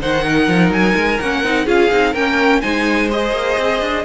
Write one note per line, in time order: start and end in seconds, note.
0.00 0.48 D#3
0.00 1.19 D#4
0.00 0.24 C5
0.00 0.72 F#5
0.24 1.64 A#4
0.48 0.70 F3
0.70 0.94 F#3
0.70 1.20 G#5
0.95 1.19 G#3
1.20 1.43 A#3
1.20 1.44 C#4
1.20 1.67 F#5
1.43 1.67 C4
1.43 1.66 D#4
1.64 1.90 C#4
1.64 1.90 F4
1.64 2.12 G#4
1.64 2.14 F5
1.91 2.14 C4
1.91 2.15 D#4
2.12 2.62 A#3
2.12 2.62 C#4
2.12 2.59 A#4
2.12 2.61 G5
2.61 3.32 G#3
2.61 3.10 D#4
2.61 4.05 C5
2.61 3.09 G#5
3.11 4.05 G#4
3.11 4.05 D#5
3.32 3.56 A#3
3.57 3.81 C4
3.81 4.04 D4